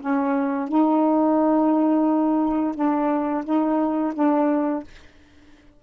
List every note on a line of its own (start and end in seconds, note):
0.00 0.68 C#4
0.68 2.75 D#4
2.75 3.44 D4
3.44 4.13 D#4
4.14 4.83 D4